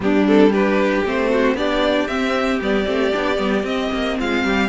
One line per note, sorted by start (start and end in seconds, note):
0.00 1.01 G3
0.00 0.24 B3
0.00 0.52 D4
0.00 0.27 G4
0.27 0.51 C4
0.27 0.52 A4
0.51 1.03 D4
0.51 1.29 G4
0.51 1.04 B4
1.05 1.54 A3
1.05 1.56 C4
1.05 1.57 C5
1.29 1.55 F#4
1.54 2.06 B3
1.54 2.08 D4
1.54 4.17 G4
1.54 2.07 D5
2.07 2.60 C4
2.07 2.59 E5
2.60 2.86 G3
2.60 2.85 B3
2.60 3.65 D5
2.85 3.13 A3
2.85 3.11 C4
3.12 3.38 B3
3.12 3.36 D4
3.36 3.62 G3
3.36 3.62 B3
3.62 3.89 C4
3.62 4.68 C4
3.62 4.17 D#5
3.93 4.19 A#3
4.19 4.44 G#3
4.19 4.44 F4
4.19 4.69 F5
4.44 4.69 G3
4.44 4.69 G4